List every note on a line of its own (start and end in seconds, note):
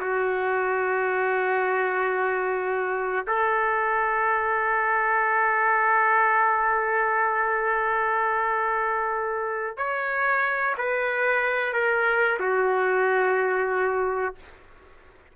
0.00 3.26 F#4
3.27 9.77 A4
9.77 10.75 C#5
10.78 11.73 B4
11.73 12.39 A#4
12.40 14.35 F#4